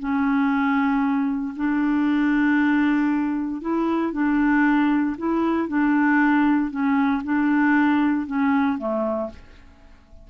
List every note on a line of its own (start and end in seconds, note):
0.00 1.55 C#4
1.56 3.62 D4
3.62 4.13 E4
4.13 5.17 D4
5.18 5.68 E4
5.68 6.71 D4
6.71 7.23 C#4
7.24 8.27 D4
8.27 8.79 C#4
8.79 9.30 A3